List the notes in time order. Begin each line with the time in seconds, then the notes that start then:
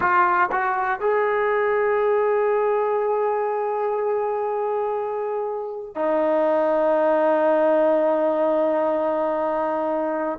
0.00 F4
0.51 F#4
1.00 G#4
5.95 D#4